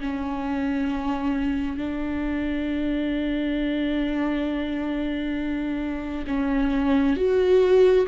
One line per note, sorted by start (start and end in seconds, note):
0.00 1.77 C#4
1.77 6.25 D4
6.27 7.16 C#4
7.16 8.06 F#4